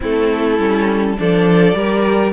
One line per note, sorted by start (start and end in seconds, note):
0.00 0.58 A3
0.00 0.57 C4
0.00 1.18 E4
0.00 1.18 A4
0.58 1.17 G3
0.58 1.16 C#4
1.17 1.74 F3
1.17 1.74 D4
1.17 1.77 A4
1.17 2.33 D5
1.74 2.33 G3
1.74 2.33 G4
1.74 2.33 A#4